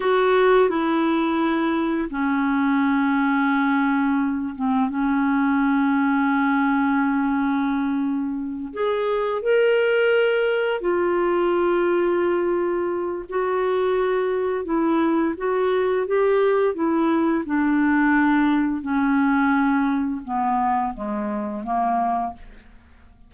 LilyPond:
\new Staff \with { instrumentName = "clarinet" } { \time 4/4 \tempo 4 = 86 fis'4 e'2 cis'4~ | cis'2~ cis'8 c'8 cis'4~ | cis'1~ | cis'8 gis'4 ais'2 f'8~ |
f'2. fis'4~ | fis'4 e'4 fis'4 g'4 | e'4 d'2 cis'4~ | cis'4 b4 gis4 ais4 | }